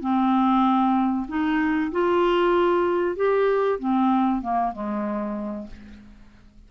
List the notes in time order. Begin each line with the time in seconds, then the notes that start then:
0.00 C4
1.28 D#4
1.91 F4
3.16 G4
3.79 C4
4.42 A#3
4.72 G#3